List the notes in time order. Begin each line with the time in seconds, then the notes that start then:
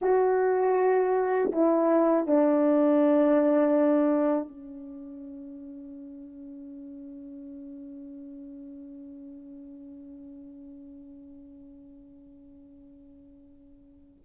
0.01 F#4
1.52 E4
2.27 D4
4.48 C#4